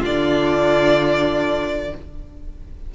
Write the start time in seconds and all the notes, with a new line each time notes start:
0.00 D3 D4 F4 D5